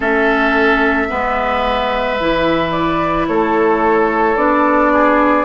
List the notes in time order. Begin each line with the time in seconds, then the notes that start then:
0.00 A3 C#4 A4 E5
1.08 G#3 B3 B4
2.20 E3 E4
2.71 D5
3.27 A3 A4 C#5
4.36 B3 D4 D5
4.92 G#4